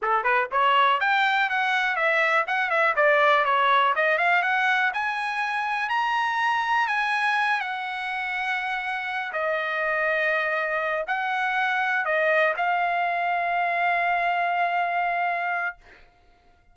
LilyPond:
\new Staff \with { instrumentName = "trumpet" } { \time 4/4 \tempo 4 = 122 a'8 b'8 cis''4 g''4 fis''4 | e''4 fis''8 e''8 d''4 cis''4 | dis''8 f''8 fis''4 gis''2 | ais''2 gis''4. fis''8~ |
fis''2. dis''4~ | dis''2~ dis''8 fis''4.~ | fis''8 dis''4 f''2~ f''8~ | f''1 | }